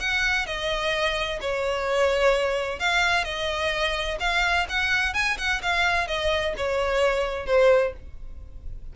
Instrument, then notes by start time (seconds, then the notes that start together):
violin
0.00 F#5
0.46 D#5
1.41 C#5
2.80 F5
3.25 D#5
4.20 F5
4.69 F#5
5.14 G#5
5.38 F#5
5.62 F5
6.08 D#5
6.57 C#5
7.46 C5